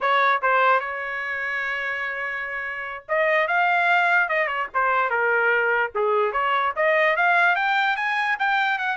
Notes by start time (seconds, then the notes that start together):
0.01 C#5
0.42 C5
0.80 C#5
3.08 D#5
3.47 F5
4.28 D#5
4.47 C#5
4.73 C5
5.09 A#4
5.94 G#4
6.32 C#5
6.76 D#5
7.16 F5
7.55 G5
7.96 G#5
8.39 G5
8.78 F#5